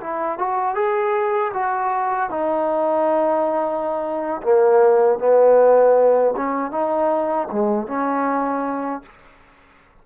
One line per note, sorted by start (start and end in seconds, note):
0.00 0.38 E4
0.38 0.75 F#4
0.75 1.52 G#4
1.54 2.30 F#4
2.30 4.42 D#4
4.42 5.19 A#3
5.19 6.34 B3
6.36 6.71 C#4
6.71 7.48 D#4
7.52 7.87 G#3
7.87 9.02 C#4